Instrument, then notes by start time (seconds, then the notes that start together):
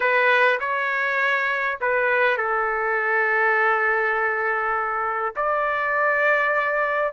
trumpet
0.00 B4
0.60 C#5
1.81 B4
2.37 A4
5.36 D5